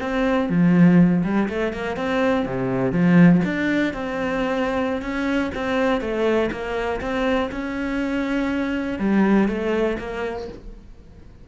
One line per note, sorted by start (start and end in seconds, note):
0.00 0.49 C4
0.49 1.23 F3
1.24 1.48 G3
1.49 1.73 A3
1.73 1.96 A#3
1.96 2.45 C4
2.46 2.92 C3
2.92 3.41 F3
3.44 3.93 D4
3.93 5.01 C4
5.01 5.51 C#4
5.54 6.01 C4
6.01 6.50 A3
6.51 7.00 A#3
7.01 7.50 C4
7.51 8.99 C#4
8.99 9.48 G3
9.48 9.97 A3
9.98 10.47 A#3